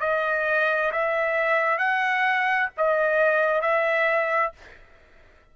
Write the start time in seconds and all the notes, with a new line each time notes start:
0.00 D#5
0.92 E5
1.78 F#5
2.77 D#5
3.61 E5